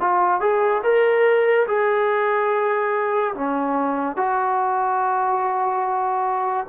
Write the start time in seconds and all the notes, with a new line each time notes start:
0.00 F4
0.40 G#4
0.83 A#4
1.67 G#4
3.34 C#4
4.16 F#4